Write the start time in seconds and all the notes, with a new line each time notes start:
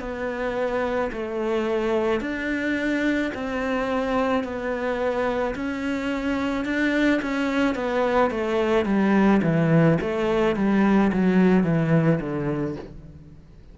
0.00 B3
1.13 A3
2.21 D4
3.35 C4
4.44 B3
5.55 C#4
6.66 D4
7.22 C#4
7.75 B3
8.31 A3
8.86 G3
9.43 E3
10.02 A3
10.56 G3
11.13 F#3
11.64 E3
12.21 D3